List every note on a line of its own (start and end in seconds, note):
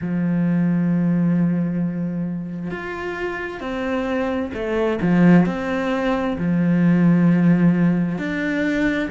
0.01 2.70 F3
2.70 3.60 F4
3.60 4.51 C4
4.53 4.99 A3
5.01 5.45 F3
5.45 6.36 C4
6.38 8.18 F3
8.18 9.09 D4